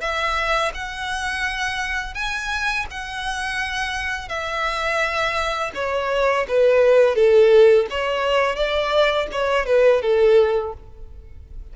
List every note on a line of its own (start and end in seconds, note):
0.00 0.71 E5
0.74 2.14 F#5
2.14 2.85 G#5
2.90 4.28 F#5
4.28 5.71 E5
5.74 6.46 C#5
6.48 7.15 B4
7.15 7.86 A4
7.90 8.55 C#5
8.55 9.27 D5
9.31 9.66 C#5
9.66 10.01 B4
10.02 10.73 A4